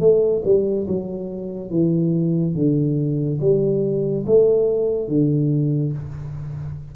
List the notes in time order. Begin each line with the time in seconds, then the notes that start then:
0.00 A3
0.45 G3
0.88 F#3
1.71 E3
2.55 D3
3.41 G3
4.26 A3
5.08 D3